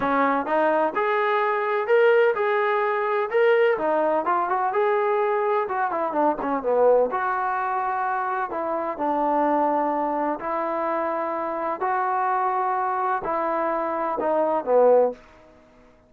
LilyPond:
\new Staff \with { instrumentName = "trombone" } { \time 4/4 \tempo 4 = 127 cis'4 dis'4 gis'2 | ais'4 gis'2 ais'4 | dis'4 f'8 fis'8 gis'2 | fis'8 e'8 d'8 cis'8 b4 fis'4~ |
fis'2 e'4 d'4~ | d'2 e'2~ | e'4 fis'2. | e'2 dis'4 b4 | }